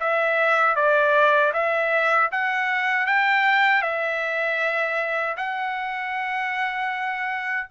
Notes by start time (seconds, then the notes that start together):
0.00 E5
0.76 D5
1.53 E5
2.32 F#5
3.07 G5
3.82 E5
5.37 F#5